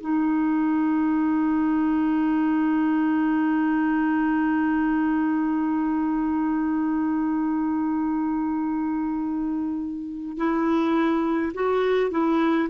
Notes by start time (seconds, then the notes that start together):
0.00 D#4
10.37 E4
11.54 F#4
12.10 E4